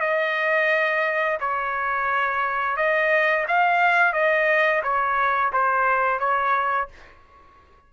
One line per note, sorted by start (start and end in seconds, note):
0.00 1.38 D#5
1.40 2.76 C#5
2.76 3.45 D#5
3.48 4.13 F5
4.13 4.82 D#5
4.83 5.52 C#5
5.52 6.19 C5
6.19 6.88 C#5